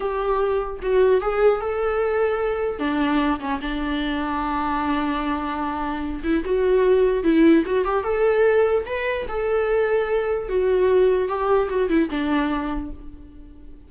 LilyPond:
\new Staff \with { instrumentName = "viola" } { \time 4/4 \tempo 4 = 149 g'2 fis'4 gis'4 | a'2. d'4~ | d'8 cis'8 d'2.~ | d'2.~ d'8 e'8 |
fis'2 e'4 fis'8 g'8 | a'2 b'4 a'4~ | a'2 fis'2 | g'4 fis'8 e'8 d'2 | }